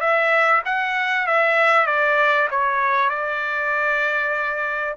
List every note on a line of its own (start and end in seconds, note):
0.00 0.62 E5
0.65 1.27 F#5
1.27 1.86 E5
1.86 2.48 D5
2.50 3.09 C#5
3.09 4.95 D5